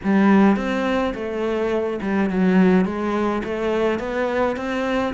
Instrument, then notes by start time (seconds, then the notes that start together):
cello
0.03 G3
0.56 C4
1.14 A3
2.01 G3
2.30 F#3
2.85 G#3
3.44 A3
3.99 B3
4.56 C4